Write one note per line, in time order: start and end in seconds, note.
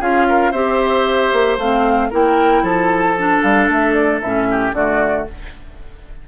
0.00 0.52 C#4
0.00 0.53 F4
0.00 0.26 G#4
0.00 0.52 F5
0.29 0.51 A#4
0.51 1.31 C4
0.51 1.60 G4
0.51 2.09 C5
0.51 1.57 E5
1.33 1.58 A#3
1.58 2.10 A3
1.58 2.11 C4
1.58 2.11 F5
2.10 2.62 A#3
2.10 3.16 E4
2.10 2.63 A#4
2.10 2.65 G5
2.62 3.41 F3
2.62 4.48 A4
2.62 3.43 A5
3.17 4.23 D4
3.43 3.69 G3
3.43 3.69 F5
3.69 4.21 A3
3.69 3.94 E5
3.94 4.20 D5
4.21 4.72 A2
4.21 4.75 C#4
4.21 4.74 E5
4.50 4.75 G4
4.72 5.25 D3
4.72 5.28 A3
4.72 5.28 F#4
4.72 5.27 D5